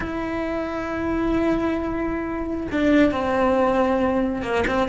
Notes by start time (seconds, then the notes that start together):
0.00 E4
2.71 D4
3.12 C4
4.42 A#3
4.67 C4